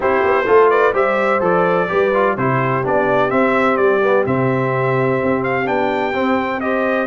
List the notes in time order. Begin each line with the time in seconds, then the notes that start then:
0.00 C4 E4 G4 C5
0.23 B3
0.46 A3 F4 A4
0.70 B4 D5
0.93 G3 G4 C5 E5
1.40 F3 A4 D5
1.87 G3 G4 B4
2.13 F4
2.37 C3 E4 G4 C5
2.84 B3 D4 D5
3.29 C4 E5
3.76 G3 D5
4.03 B3
4.25 C3 C4 E5
5.22 C4
5.43 F5
5.65 B3 D4 G5
6.13 C4
6.60 G4 C5 D#5